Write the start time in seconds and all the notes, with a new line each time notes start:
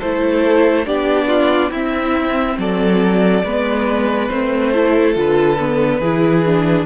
0.00 A3 E4 A4 C5
0.85 B3 D4 G4 D5
1.28 F4
1.71 C4 E4 E5
2.58 F#3 A4 D5
3.44 G#3 B3 B4
4.28 A3 C4 C5
4.72 E4 A4
5.14 D3 F4 B4
5.59 B3
6.00 E3 E4 G#4
6.46 D4